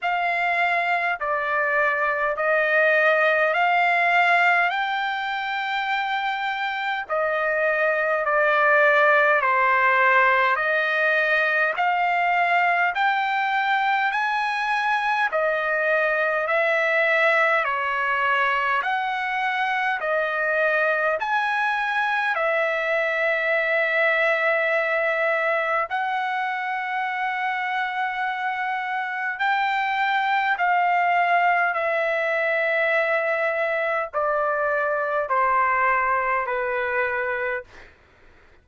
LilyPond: \new Staff \with { instrumentName = "trumpet" } { \time 4/4 \tempo 4 = 51 f''4 d''4 dis''4 f''4 | g''2 dis''4 d''4 | c''4 dis''4 f''4 g''4 | gis''4 dis''4 e''4 cis''4 |
fis''4 dis''4 gis''4 e''4~ | e''2 fis''2~ | fis''4 g''4 f''4 e''4~ | e''4 d''4 c''4 b'4 | }